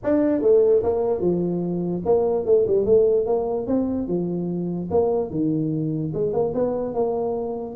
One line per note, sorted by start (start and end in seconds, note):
0.03 0.41 D4
0.41 0.82 A3
0.83 1.20 A#3
1.20 2.02 F3
2.05 2.45 A#3
2.45 2.65 A3
2.67 2.85 G3
2.85 3.26 A3
3.26 3.66 A#3
3.66 4.07 C4
4.07 4.89 F3
4.90 5.30 A#3
5.30 6.12 D#3
6.14 6.33 G#3
6.33 6.53 A#3
6.54 6.94 B3
6.94 7.75 A#3